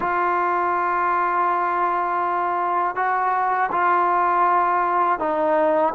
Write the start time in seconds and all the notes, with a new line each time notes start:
0.00 F4
2.95 F#4
3.71 F4
5.19 D#4